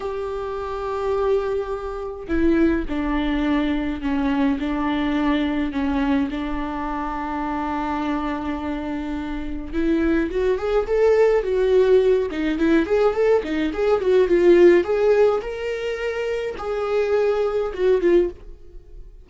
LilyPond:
\new Staff \with { instrumentName = "viola" } { \time 4/4 \tempo 4 = 105 g'1 | e'4 d'2 cis'4 | d'2 cis'4 d'4~ | d'1~ |
d'4 e'4 fis'8 gis'8 a'4 | fis'4. dis'8 e'8 gis'8 a'8 dis'8 | gis'8 fis'8 f'4 gis'4 ais'4~ | ais'4 gis'2 fis'8 f'8 | }